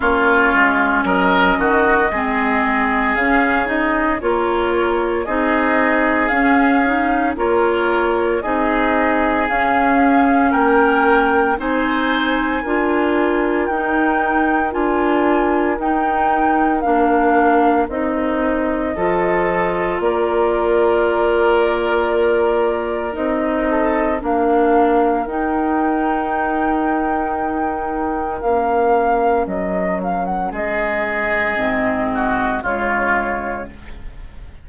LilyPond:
<<
  \new Staff \with { instrumentName = "flute" } { \time 4/4 \tempo 4 = 57 cis''4 dis''2 f''8 dis''8 | cis''4 dis''4 f''4 cis''4 | dis''4 f''4 g''4 gis''4~ | gis''4 g''4 gis''4 g''4 |
f''4 dis''2 d''4~ | d''2 dis''4 f''4 | g''2. f''4 | dis''8 f''16 fis''16 dis''2 cis''4 | }
  \new Staff \with { instrumentName = "oboe" } { \time 4/4 f'4 ais'8 fis'8 gis'2 | ais'4 gis'2 ais'4 | gis'2 ais'4 c''4 | ais'1~ |
ais'2 a'4 ais'4~ | ais'2~ ais'8 a'8 ais'4~ | ais'1~ | ais'4 gis'4. fis'8 f'4 | }
  \new Staff \with { instrumentName = "clarinet" } { \time 4/4 cis'2 c'4 cis'8 dis'8 | f'4 dis'4 cis'8 dis'8 f'4 | dis'4 cis'2 dis'4 | f'4 dis'4 f'4 dis'4 |
d'4 dis'4 f'2~ | f'2 dis'4 d'4 | dis'2. cis'4~ | cis'2 c'4 gis4 | }
  \new Staff \with { instrumentName = "bassoon" } { \time 4/4 ais8 gis8 fis8 dis8 gis4 cis4 | ais4 c'4 cis'4 ais4 | c'4 cis'4 ais4 c'4 | d'4 dis'4 d'4 dis'4 |
ais4 c'4 f4 ais4~ | ais2 c'4 ais4 | dis'2. ais4 | fis4 gis4 gis,4 cis4 | }
>>